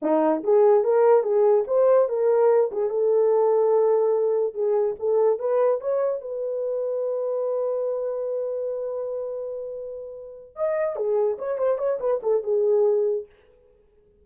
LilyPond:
\new Staff \with { instrumentName = "horn" } { \time 4/4 \tempo 4 = 145 dis'4 gis'4 ais'4 gis'4 | c''4 ais'4. gis'8 a'4~ | a'2. gis'4 | a'4 b'4 cis''4 b'4~ |
b'1~ | b'1~ | b'4. dis''4 gis'4 cis''8 | c''8 cis''8 b'8 a'8 gis'2 | }